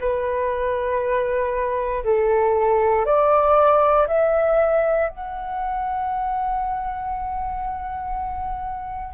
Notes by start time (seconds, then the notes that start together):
0.00 B4
2.04 A4
3.05 D5
4.07 E5
5.09 F#5